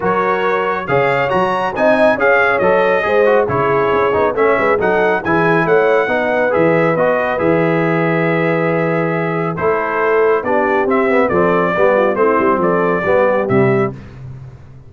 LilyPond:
<<
  \new Staff \with { instrumentName = "trumpet" } { \time 4/4 \tempo 4 = 138 cis''2 f''4 ais''4 | gis''4 f''4 dis''2 | cis''2 e''4 fis''4 | gis''4 fis''2 e''4 |
dis''4 e''2.~ | e''2 c''2 | d''4 e''4 d''2 | c''4 d''2 e''4 | }
  \new Staff \with { instrumentName = "horn" } { \time 4/4 ais'2 cis''2 | dis''4 cis''2 c''4 | gis'2 cis''8 b'8 a'4 | gis'4 cis''4 b'2~ |
b'1~ | b'2 a'2 | g'2 a'4 g'8 f'8 | e'4 a'4 g'2 | }
  \new Staff \with { instrumentName = "trombone" } { \time 4/4 fis'2 gis'4 fis'4 | dis'4 gis'4 a'4 gis'8 fis'8 | e'4. dis'8 cis'4 dis'4 | e'2 dis'4 gis'4 |
fis'4 gis'2.~ | gis'2 e'2 | d'4 c'8 b8 c'4 b4 | c'2 b4 g4 | }
  \new Staff \with { instrumentName = "tuba" } { \time 4/4 fis2 cis4 fis4 | c'4 cis'4 fis4 gis4 | cis4 cis'8 b8 a8 gis8 fis4 | e4 a4 b4 e4 |
b4 e2.~ | e2 a2 | b4 c'4 f4 g4 | a8 g8 f4 g4 c4 | }
>>